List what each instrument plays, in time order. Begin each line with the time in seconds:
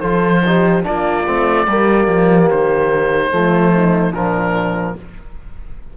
0.00 cello F3, trombone F4, horn A4, oboe C5
0.46 trombone D#4, horn G4
0.83 cello A#3, trombone D4, horn F4, oboe D5
1.26 cello A3, trombone C4
1.67 cello G3, trombone A#3, horn G4
2.08 cello F3
2.50 cello D#3, oboe C5
3.31 cello F3, trombone A3, horn F4
3.73 horn D#4
4.13 cello A#2, trombone F3, horn D4, oboe A#4